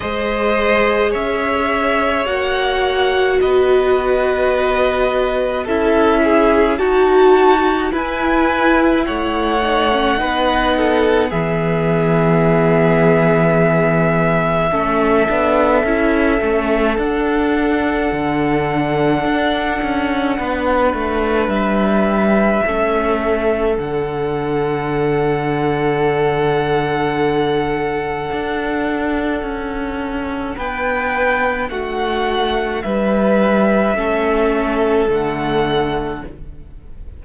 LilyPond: <<
  \new Staff \with { instrumentName = "violin" } { \time 4/4 \tempo 4 = 53 dis''4 e''4 fis''4 dis''4~ | dis''4 e''4 a''4 gis''4 | fis''2 e''2~ | e''2. fis''4~ |
fis''2. e''4~ | e''4 fis''2.~ | fis''2. g''4 | fis''4 e''2 fis''4 | }
  \new Staff \with { instrumentName = "violin" } { \time 4/4 c''4 cis''2 b'4~ | b'4 a'8 gis'8 fis'4 b'4 | cis''4 b'8 a'8 gis'2~ | gis'4 a'2.~ |
a'2 b'2 | a'1~ | a'2. b'4 | fis'4 b'4 a'2 | }
  \new Staff \with { instrumentName = "viola" } { \time 4/4 gis'2 fis'2~ | fis'4 e'4 fis'4 e'4~ | e'8 dis'16 cis'16 dis'4 b2~ | b4 cis'8 d'8 e'8 cis'8 d'4~ |
d'1 | cis'4 d'2.~ | d'1~ | d'2 cis'4 a4 | }
  \new Staff \with { instrumentName = "cello" } { \time 4/4 gis4 cis'4 ais4 b4~ | b4 cis'4 dis'4 e'4 | a4 b4 e2~ | e4 a8 b8 cis'8 a8 d'4 |
d4 d'8 cis'8 b8 a8 g4 | a4 d2.~ | d4 d'4 cis'4 b4 | a4 g4 a4 d4 | }
>>